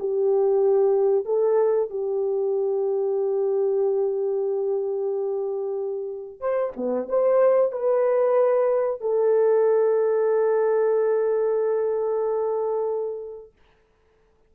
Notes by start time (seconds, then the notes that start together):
0.00 G4
1.26 A4
1.90 G4
6.40 C5
6.77 B3
7.09 C5
7.72 B4
9.01 A4